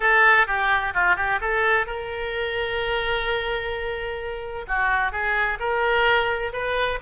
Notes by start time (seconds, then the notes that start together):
0.00 A4
0.47 G4
0.94 F4
1.16 G4
1.40 A4
1.86 A#4
4.67 F#4
5.11 G#4
5.59 A#4
6.52 B4